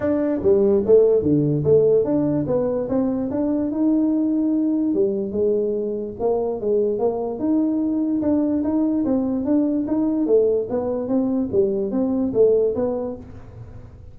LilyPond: \new Staff \with { instrumentName = "tuba" } { \time 4/4 \tempo 4 = 146 d'4 g4 a4 d4 | a4 d'4 b4 c'4 | d'4 dis'2. | g4 gis2 ais4 |
gis4 ais4 dis'2 | d'4 dis'4 c'4 d'4 | dis'4 a4 b4 c'4 | g4 c'4 a4 b4 | }